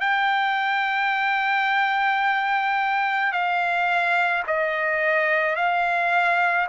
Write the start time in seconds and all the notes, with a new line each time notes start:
0.00 G5
3.32 F5
4.46 D#5
5.56 F5